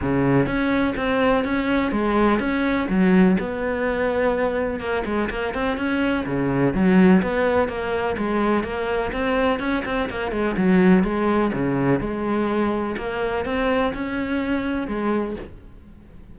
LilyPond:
\new Staff \with { instrumentName = "cello" } { \time 4/4 \tempo 4 = 125 cis4 cis'4 c'4 cis'4 | gis4 cis'4 fis4 b4~ | b2 ais8 gis8 ais8 c'8 | cis'4 cis4 fis4 b4 |
ais4 gis4 ais4 c'4 | cis'8 c'8 ais8 gis8 fis4 gis4 | cis4 gis2 ais4 | c'4 cis'2 gis4 | }